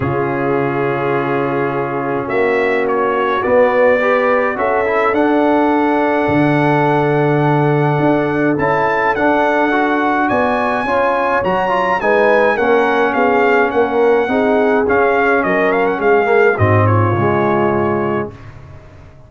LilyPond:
<<
  \new Staff \with { instrumentName = "trumpet" } { \time 4/4 \tempo 4 = 105 gis'1 | e''4 cis''4 d''2 | e''4 fis''2.~ | fis''2. a''4 |
fis''2 gis''2 | ais''4 gis''4 fis''4 f''4 | fis''2 f''4 dis''8 f''16 fis''16 | f''4 dis''8 cis''2~ cis''8 | }
  \new Staff \with { instrumentName = "horn" } { \time 4/4 f'1 | fis'2. b'4 | a'1~ | a'1~ |
a'2 d''4 cis''4~ | cis''4 b'4 ais'4 gis'4 | ais'4 gis'2 ais'4 | gis'4 fis'8 f'2~ f'8 | }
  \new Staff \with { instrumentName = "trombone" } { \time 4/4 cis'1~ | cis'2 b4 g'4 | fis'8 e'8 d'2.~ | d'2. e'4 |
d'4 fis'2 f'4 | fis'8 f'8 dis'4 cis'2~ | cis'4 dis'4 cis'2~ | cis'8 ais8 c'4 gis2 | }
  \new Staff \with { instrumentName = "tuba" } { \time 4/4 cis1 | ais2 b2 | cis'4 d'2 d4~ | d2 d'4 cis'4 |
d'2 b4 cis'4 | fis4 gis4 ais4 b4 | ais4 c'4 cis'4 fis4 | gis4 gis,4 cis2 | }
>>